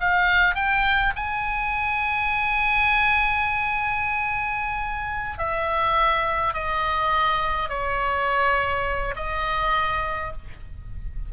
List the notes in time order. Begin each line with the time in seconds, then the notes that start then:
0.00 F5
0.55 G5
1.16 G#5
5.38 E5
6.54 D#5
7.69 C#5
9.16 D#5